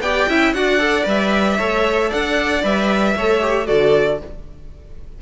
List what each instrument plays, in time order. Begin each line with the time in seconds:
0.00 cello B3, viola G4, violin D5 G5
0.28 cello C#4, viola E4, violin E5
0.53 cello D4, viola F#4, violin D5 F#5
0.79 viola A4
1.04 cello G3, viola B4, violin E5
1.58 cello A3, viola A4, violin C#5
2.09 cello D4, violin D5 F#5
2.63 cello G3, viola B4, violin E5
3.16 cello A3, viola A4, violin C#5
3.41 viola G4
3.66 cello D3, viola F#4, violin A4 D5